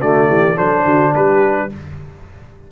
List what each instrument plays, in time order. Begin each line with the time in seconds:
0.00 tuba D3, trombone A3, horn F#4, trumpet D5
0.27 tuba E3, horn G4
0.55 tuba F#3, trombone D4, horn A4, trumpet C5
0.84 tuba D3, horn F#4
1.12 tuba G3, horn G4, trumpet B4